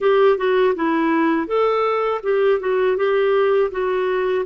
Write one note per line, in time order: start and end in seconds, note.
0.00 0.37 G4
0.37 0.74 F#4
0.75 1.46 E4
1.46 2.21 A4
2.23 2.60 G4
2.60 2.96 F#4
2.96 3.70 G4
3.71 4.45 F#4